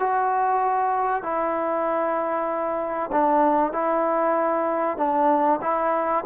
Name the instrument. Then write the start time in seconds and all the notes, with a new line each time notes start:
trombone
0.00 F#4
1.23 E4
3.12 D4
3.73 E4
4.98 D4
5.62 E4